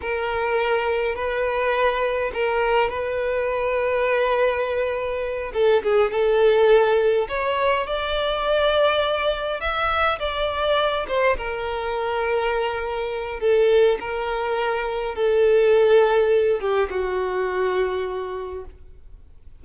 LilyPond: \new Staff \with { instrumentName = "violin" } { \time 4/4 \tempo 4 = 103 ais'2 b'2 | ais'4 b'2.~ | b'4. a'8 gis'8 a'4.~ | a'8 cis''4 d''2~ d''8~ |
d''8 e''4 d''4. c''8 ais'8~ | ais'2. a'4 | ais'2 a'2~ | a'8 g'8 fis'2. | }